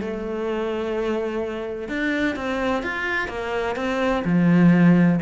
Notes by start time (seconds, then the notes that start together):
0.00 A3
1.88 D4
2.35 C4
2.83 F4
3.28 A#3
3.75 C4
4.24 F3